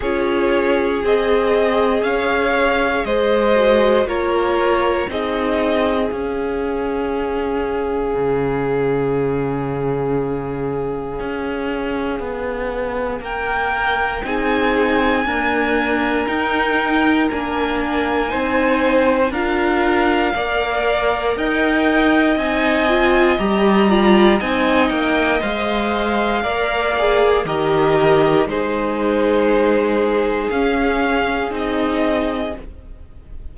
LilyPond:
<<
  \new Staff \with { instrumentName = "violin" } { \time 4/4 \tempo 4 = 59 cis''4 dis''4 f''4 dis''4 | cis''4 dis''4 f''2~ | f''1~ | f''4 g''4 gis''2 |
g''4 gis''2 f''4~ | f''4 g''4 gis''4 ais''4 | gis''8 g''8 f''2 dis''4 | c''2 f''4 dis''4 | }
  \new Staff \with { instrumentName = "violin" } { \time 4/4 gis'2 cis''4 c''4 | ais'4 gis'2.~ | gis'1~ | gis'4 ais'4 gis'4 ais'4~ |
ais'2 c''4 ais'4 | d''4 dis''2~ dis''8 d''8 | dis''2 d''4 ais'4 | gis'1 | }
  \new Staff \with { instrumentName = "viola" } { \time 4/4 f'4 gis'2~ gis'8 fis'8 | f'4 dis'4 cis'2~ | cis'1~ | cis'2 dis'4 ais4 |
dis'4 d'4 dis'4 f'4 | ais'2 dis'8 f'8 g'8 f'8 | dis'4 c''4 ais'8 gis'8 g'4 | dis'2 cis'4 dis'4 | }
  \new Staff \with { instrumentName = "cello" } { \time 4/4 cis'4 c'4 cis'4 gis4 | ais4 c'4 cis'2 | cis2. cis'4 | b4 ais4 c'4 d'4 |
dis'4 ais4 c'4 d'4 | ais4 dis'4 c'4 g4 | c'8 ais8 gis4 ais4 dis4 | gis2 cis'4 c'4 | }
>>